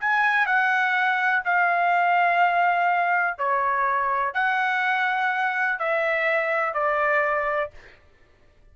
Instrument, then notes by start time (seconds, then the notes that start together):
trumpet
0.00 G#5
0.46 F#5
1.45 F5
3.38 C#5
4.34 F#5
5.79 E5
6.73 D5